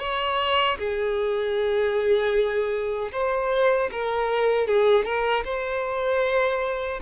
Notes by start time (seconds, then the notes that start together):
0.00 C#5
0.78 G#4
3.12 C5
3.92 A#4
4.68 G#4
5.05 A#4
5.45 C5